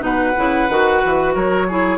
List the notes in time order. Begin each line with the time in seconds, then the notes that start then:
0.00 B2 D#4 B4 F#5
0.37 C#3 E4
0.69 D#3 F#4
1.05 E3
1.35 F#3 A#4 C#5
1.69 E4 G#4